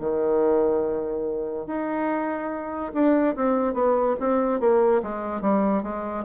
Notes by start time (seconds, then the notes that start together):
0.00 D#3
1.67 D#4
2.94 D4
3.36 C4
3.74 B3
4.20 C4
4.60 A#3
5.03 G#3
5.42 G3
5.83 G#3